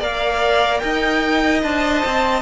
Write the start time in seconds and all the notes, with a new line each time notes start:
0.00 A#3 A#4 D5 F5
0.79 D#4 D#5 G5
1.62 D4 C5 A5
2.05 C4